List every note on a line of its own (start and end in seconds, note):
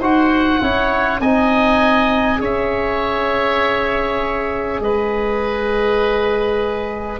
0.00 0.60 D#4
0.00 0.62 F#4
0.00 0.60 C5
0.00 1.21 F#5
0.62 1.20 C#4
0.62 1.22 E4
0.62 1.22 C#5
1.20 2.40 C4
1.20 2.37 D#4
1.20 2.41 D#5
1.20 2.41 G#5
2.37 4.80 C#4
2.37 7.17 G#4
2.37 4.80 C#5
2.44 4.82 E5
4.80 7.20 G#3
4.80 7.20 B4
4.80 7.20 D#5